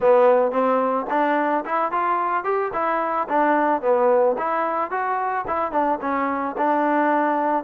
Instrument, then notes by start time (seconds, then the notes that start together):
trombone
0.00 B3
0.51 C4
1.09 D4
1.65 E4
1.91 F4
2.44 G4
2.73 E4
3.29 D4
3.81 B3
4.38 E4
4.90 F#4
5.47 E4
5.71 D4
6.01 C#4
6.57 D4